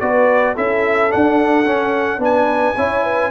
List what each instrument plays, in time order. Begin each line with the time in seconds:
0.00 tuba B3, trombone F#4, horn B4, trumpet D5
0.55 tuba C#4, trombone E4, horn A4, trumpet E5
1.10 trombone D4, tuba D4, trumpet F#5
1.65 trombone C#4, tuba C#4
2.18 tuba B3, trombone D4, horn B4, trumpet G#5
2.76 tuba C#4, trombone E4, horn C#5
3.04 horn B4